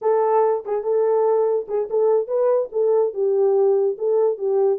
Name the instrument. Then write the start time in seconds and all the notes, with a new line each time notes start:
horn
0.01 A4
0.65 G#4
0.83 A4
1.68 G#4
1.90 A4
2.27 B4
2.72 A4
3.13 G4
3.98 A4
4.37 G4